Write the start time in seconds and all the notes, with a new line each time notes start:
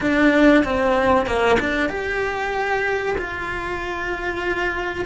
0.00 D4
0.63 C4
1.26 A#3
1.59 D4
1.89 G4
3.18 F4